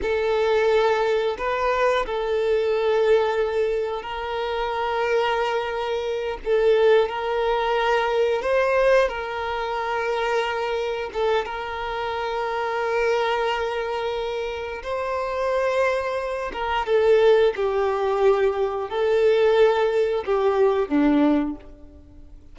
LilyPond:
\new Staff \with { instrumentName = "violin" } { \time 4/4 \tempo 4 = 89 a'2 b'4 a'4~ | a'2 ais'2~ | ais'4. a'4 ais'4.~ | ais'8 c''4 ais'2~ ais'8~ |
ais'8 a'8 ais'2.~ | ais'2 c''2~ | c''8 ais'8 a'4 g'2 | a'2 g'4 d'4 | }